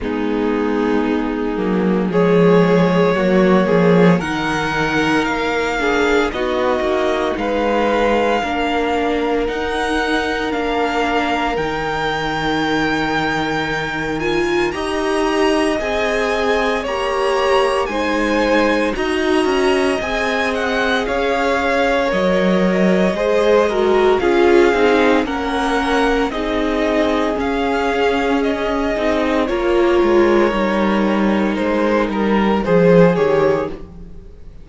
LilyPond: <<
  \new Staff \with { instrumentName = "violin" } { \time 4/4 \tempo 4 = 57 gis'2 cis''2 | fis''4 f''4 dis''4 f''4~ | f''4 fis''4 f''4 g''4~ | g''4. gis''8 ais''4 gis''4 |
ais''4 gis''4 ais''4 gis''8 fis''8 | f''4 dis''2 f''4 | fis''4 dis''4 f''4 dis''4 | cis''2 c''8 ais'8 c''8 cis''8 | }
  \new Staff \with { instrumentName = "violin" } { \time 4/4 dis'2 gis'4 fis'8 gis'8 | ais'4. gis'8 fis'4 b'4 | ais'1~ | ais'2 dis''2 |
cis''4 c''4 dis''2 | cis''2 c''8 ais'8 gis'4 | ais'4 gis'2. | ais'2. gis'4 | }
  \new Staff \with { instrumentName = "viola" } { \time 4/4 b4. ais8 gis4 ais4 | dis'4. d'8 dis'2 | d'4 dis'4 d'4 dis'4~ | dis'4. f'8 g'4 gis'4 |
g'4 dis'4 fis'4 gis'4~ | gis'4 ais'4 gis'8 fis'8 f'8 dis'8 | cis'4 dis'4 cis'4. dis'8 | f'4 dis'2 gis'8 g'8 | }
  \new Staff \with { instrumentName = "cello" } { \time 4/4 gis4. fis8 f4 fis8 f8 | dis4 ais4 b8 ais8 gis4 | ais4 dis'4 ais4 dis4~ | dis2 dis'4 c'4 |
ais4 gis4 dis'8 cis'8 c'4 | cis'4 fis4 gis4 cis'8 c'8 | ais4 c'4 cis'4. c'8 | ais8 gis8 g4 gis8 g8 f8 dis8 | }
>>